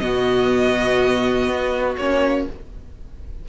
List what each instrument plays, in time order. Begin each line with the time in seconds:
0.00 cello B2, viola B3, violin F#4 D#5
1.48 cello B3
1.98 cello A#3, viola C#4, violin C#5